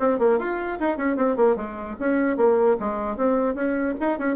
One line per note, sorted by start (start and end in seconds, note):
0.00 0.19 C4
0.19 0.39 A#3
0.39 0.79 F4
0.80 0.98 D#4
0.98 1.17 C#4
1.17 1.37 C4
1.37 1.56 A#3
1.56 1.96 G#3
2.00 2.37 C#4
2.37 2.77 A#3
2.80 3.17 G#3
3.17 3.55 C4
3.55 3.95 C#4
4.00 4.19 D#4
4.19 4.37 C#4